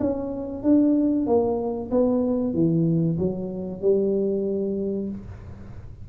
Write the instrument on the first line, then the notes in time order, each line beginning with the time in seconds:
tuba
0.00 C#4
0.63 D4
1.26 A#3
1.91 B3
2.54 E3
3.19 F#3
3.82 G3